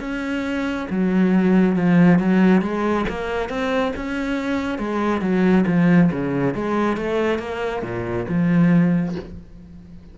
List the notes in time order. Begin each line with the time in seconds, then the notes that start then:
0.00 C#4
0.90 F#3
1.76 F3
2.19 F#3
2.62 G#3
3.09 A#3
3.49 C4
3.96 C#4
4.78 G#3
5.21 F#3
5.67 F3
6.12 C#3
6.54 G#3
6.97 A3
7.39 A#3
7.82 A#2
8.28 F3